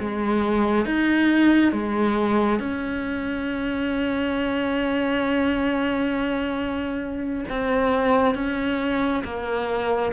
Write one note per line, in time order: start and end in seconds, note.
0.00 0.85 G#3
0.85 1.72 D#4
1.72 2.59 G#3
2.59 7.45 C#4
7.50 8.35 C4
8.35 9.23 C#4
9.24 10.13 A#3